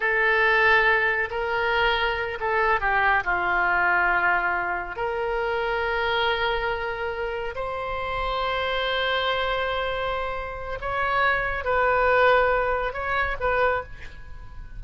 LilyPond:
\new Staff \with { instrumentName = "oboe" } { \time 4/4 \tempo 4 = 139 a'2. ais'4~ | ais'4. a'4 g'4 f'8~ | f'2.~ f'8 ais'8~ | ais'1~ |
ais'4. c''2~ c''8~ | c''1~ | c''4 cis''2 b'4~ | b'2 cis''4 b'4 | }